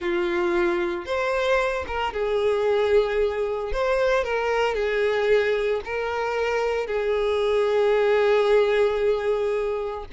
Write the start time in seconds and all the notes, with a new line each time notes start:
0.00 F4
1.05 C5
1.87 A#4
2.13 G#4
3.72 C5
4.24 A#4
4.74 G#4
5.84 A#4
6.86 G#4